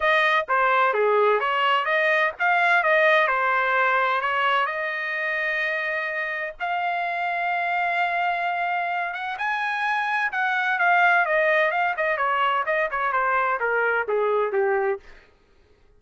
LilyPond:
\new Staff \with { instrumentName = "trumpet" } { \time 4/4 \tempo 4 = 128 dis''4 c''4 gis'4 cis''4 | dis''4 f''4 dis''4 c''4~ | c''4 cis''4 dis''2~ | dis''2 f''2~ |
f''2.~ f''8 fis''8 | gis''2 fis''4 f''4 | dis''4 f''8 dis''8 cis''4 dis''8 cis''8 | c''4 ais'4 gis'4 g'4 | }